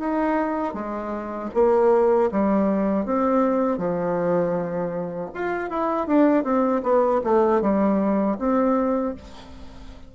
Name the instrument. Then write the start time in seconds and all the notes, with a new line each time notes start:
bassoon
0.00 D#4
0.74 G#3
1.55 A#3
2.32 G3
3.06 C4
3.78 F3
5.34 F4
5.70 E4
6.07 D4
6.44 C4
6.83 B3
7.24 A3
7.62 G3
8.39 C4